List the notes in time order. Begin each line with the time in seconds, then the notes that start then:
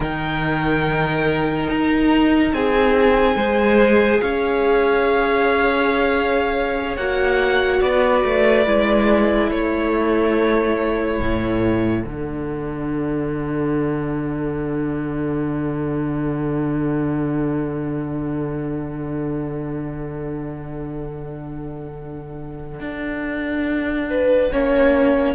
0.00 D#3 D#4 A#4 G5
1.69 D#4 A#5
2.53 C4 G#4 G#5
3.35 G#3 G#4 C5
4.21 C#4 C#5 F5
6.96 A#3 F#4 F#5
7.80 B3 B4 D5
8.24 A3
8.65 G#3 E4
9.50 A3 A4 C#5
11.19 A2
12.02 D3 D4 F#5
22.80 D4
24.10 B4
24.52 A#3 C#4 C#5